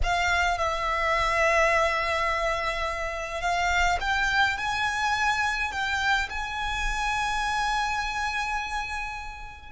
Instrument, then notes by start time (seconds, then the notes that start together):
violin
0.03 F5
0.58 E5
3.41 F5
4.00 G5
4.57 G#5
5.71 G5
6.29 G#5